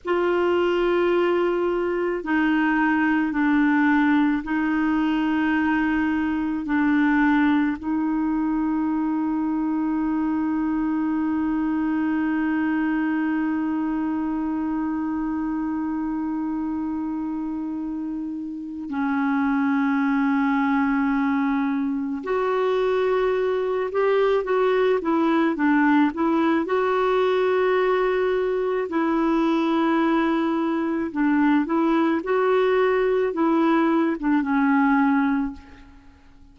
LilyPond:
\new Staff \with { instrumentName = "clarinet" } { \time 4/4 \tempo 4 = 54 f'2 dis'4 d'4 | dis'2 d'4 dis'4~ | dis'1~ | dis'1~ |
dis'4 cis'2. | fis'4. g'8 fis'8 e'8 d'8 e'8 | fis'2 e'2 | d'8 e'8 fis'4 e'8. d'16 cis'4 | }